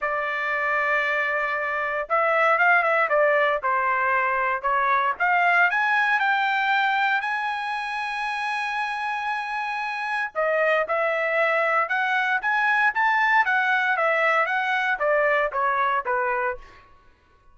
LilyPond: \new Staff \with { instrumentName = "trumpet" } { \time 4/4 \tempo 4 = 116 d''1 | e''4 f''8 e''8 d''4 c''4~ | c''4 cis''4 f''4 gis''4 | g''2 gis''2~ |
gis''1 | dis''4 e''2 fis''4 | gis''4 a''4 fis''4 e''4 | fis''4 d''4 cis''4 b'4 | }